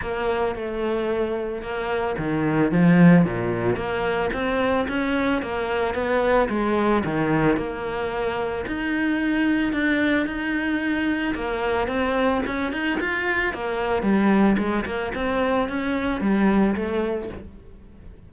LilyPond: \new Staff \with { instrumentName = "cello" } { \time 4/4 \tempo 4 = 111 ais4 a2 ais4 | dis4 f4 ais,4 ais4 | c'4 cis'4 ais4 b4 | gis4 dis4 ais2 |
dis'2 d'4 dis'4~ | dis'4 ais4 c'4 cis'8 dis'8 | f'4 ais4 g4 gis8 ais8 | c'4 cis'4 g4 a4 | }